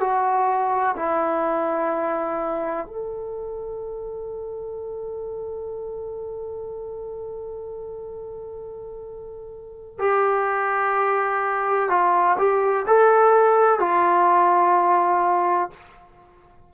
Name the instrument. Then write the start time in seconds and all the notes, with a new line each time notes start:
trombone
0.00 F#4
0.96 E4
2.87 A4
9.99 G4
11.89 F4
12.38 G4
12.87 A4
13.80 F4